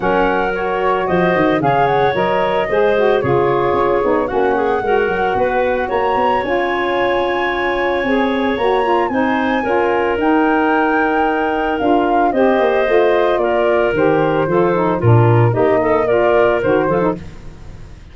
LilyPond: <<
  \new Staff \with { instrumentName = "flute" } { \time 4/4 \tempo 4 = 112 fis''4 cis''4 dis''4 f''8 fis''8 | dis''2 cis''2 | fis''2. ais''4 | gis''1 |
ais''4 gis''2 g''4~ | g''2 f''4 dis''4~ | dis''4 d''4 c''2 | ais'4 dis''4 d''4 c''4 | }
  \new Staff \with { instrumentName = "clarinet" } { \time 4/4 ais'2 c''4 cis''4~ | cis''4 c''4 gis'2 | fis'8 gis'8 ais'4 b'4 cis''4~ | cis''1~ |
cis''4 c''4 ais'2~ | ais'2. c''4~ | c''4 ais'2 a'4 | f'4 g'8 a'8 ais'4. a'8 | }
  \new Staff \with { instrumentName = "saxophone" } { \time 4/4 cis'4 fis'2 gis'4 | ais'4 gis'8 fis'8 f'4. dis'8 | cis'4 fis'2. | f'2. gis'4 |
fis'8 f'8 dis'4 f'4 dis'4~ | dis'2 f'4 g'4 | f'2 g'4 f'8 dis'8 | d'4 dis'4 f'4 fis'8 f'16 dis'16 | }
  \new Staff \with { instrumentName = "tuba" } { \time 4/4 fis2 f8 dis8 cis4 | fis4 gis4 cis4 cis'8 b8 | ais4 gis8 fis8 b4 ais8 b8 | cis'2. c'4 |
ais4 c'4 cis'4 dis'4~ | dis'2 d'4 c'8 ais8 | a4 ais4 dis4 f4 | ais,4 ais2 dis8 f8 | }
>>